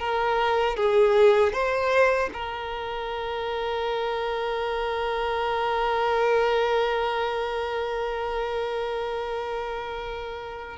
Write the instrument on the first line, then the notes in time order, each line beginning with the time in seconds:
violin
0.00 A#4
0.77 G#4
1.53 C5
2.34 A#4